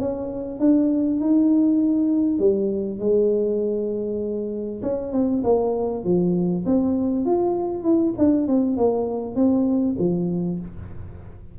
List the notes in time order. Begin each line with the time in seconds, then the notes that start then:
0.00 C#4
0.60 D4
1.20 D#4
2.39 G3
3.00 G#3
4.83 C#4
5.13 C4
5.44 A#3
6.05 F3
6.66 C4
7.26 F4
7.84 E4
8.18 D4
8.48 C4
8.77 A#3
9.36 C4
9.99 F3